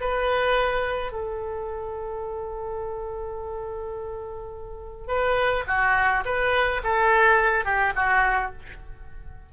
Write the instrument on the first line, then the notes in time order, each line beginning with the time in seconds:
oboe
0.00 B4
1.11 A4
5.07 B4
5.67 F#4
6.25 B4
6.83 A4
7.64 G4
7.95 F#4